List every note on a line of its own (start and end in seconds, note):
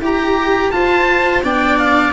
0.00 0.71 E4
0.00 0.72 G4
0.00 0.74 G4
0.00 0.71 A#5
0.71 1.43 F4
0.71 1.44 F4
0.71 1.44 C5
0.71 1.42 A5
1.43 2.13 B3
1.43 2.13 D4
1.43 2.13 D5
1.43 1.79 G5
1.79 2.13 F5